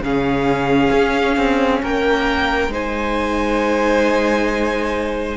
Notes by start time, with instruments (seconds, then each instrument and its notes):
0.00 cello C#3, viola C#4, violin G#4 F5
0.92 cello C#4
1.37 cello C4
1.82 cello A#3, violin A#4 G5
2.68 cello G#3, viola D#4, violin C5
2.74 violin G#5